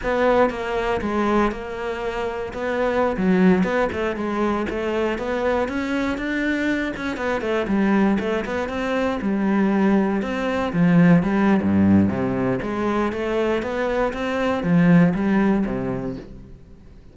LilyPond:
\new Staff \with { instrumentName = "cello" } { \time 4/4 \tempo 4 = 119 b4 ais4 gis4 ais4~ | ais4 b4~ b16 fis4 b8 a16~ | a16 gis4 a4 b4 cis'8.~ | cis'16 d'4. cis'8 b8 a8 g8.~ |
g16 a8 b8 c'4 g4.~ g16~ | g16 c'4 f4 g8. g,4 | c4 gis4 a4 b4 | c'4 f4 g4 c4 | }